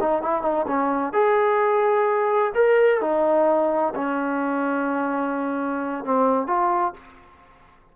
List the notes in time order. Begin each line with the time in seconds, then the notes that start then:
0.00 D#4
0.22 E4
0.42 D#4
0.67 C#4
1.13 G#4
2.55 A#4
3.01 D#4
3.95 C#4
6.05 C4
6.47 F4